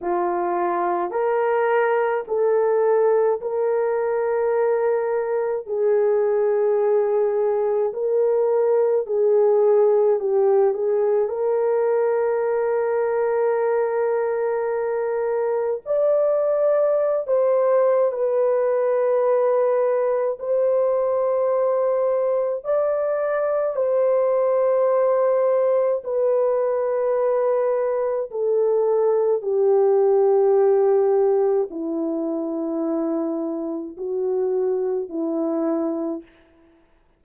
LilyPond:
\new Staff \with { instrumentName = "horn" } { \time 4/4 \tempo 4 = 53 f'4 ais'4 a'4 ais'4~ | ais'4 gis'2 ais'4 | gis'4 g'8 gis'8 ais'2~ | ais'2 d''4~ d''16 c''8. |
b'2 c''2 | d''4 c''2 b'4~ | b'4 a'4 g'2 | e'2 fis'4 e'4 | }